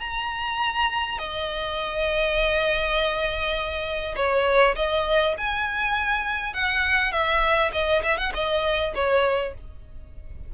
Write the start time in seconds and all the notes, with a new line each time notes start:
0.00 A#5
1.18 D#5
4.16 C#5
4.76 D#5
5.37 G#5
6.54 F#5
7.12 E5
7.73 D#5
8.03 E5
8.17 F#5
8.34 D#5
8.95 C#5